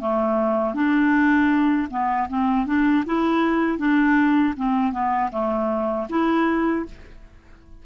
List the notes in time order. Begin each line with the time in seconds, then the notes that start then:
0.00 A3
0.74 D4
1.90 B3
2.29 C4
2.66 D4
3.06 E4
3.78 D4
4.56 C4
4.92 B3
5.31 A3
6.09 E4